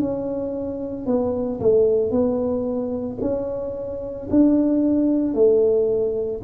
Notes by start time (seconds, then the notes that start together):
0.00 C#4
1.06 B3
1.60 A3
2.11 B3
3.21 C#4
4.30 D4
5.34 A3